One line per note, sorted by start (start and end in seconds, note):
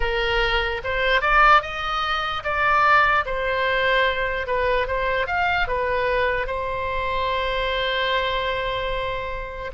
0.00 0.81 A#4
0.83 1.21 C5
1.21 1.61 D5
1.62 2.43 D#5
2.43 3.24 D5
3.25 4.46 C5
4.46 4.86 B4
4.86 5.27 C5
5.27 5.67 F5
5.67 6.46 B4
6.46 9.71 C5